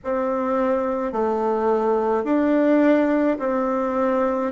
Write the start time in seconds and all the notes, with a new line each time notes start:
0.04 C4
1.12 A3
2.24 D4
3.39 C4